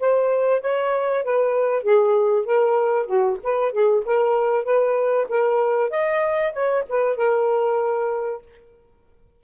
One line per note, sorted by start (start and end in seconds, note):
0.00 0.62 C5
0.62 1.24 C#5
1.24 1.83 B4
1.83 2.46 G#4
2.46 3.07 A#4
3.07 3.38 F#4
3.43 3.73 B4
3.73 4.04 G#4
4.06 4.65 A#4
4.65 5.27 B4
5.30 5.91 A#4
5.91 6.53 D#5
6.53 6.84 C#5
6.89 7.17 B4
7.17 8.42 A#4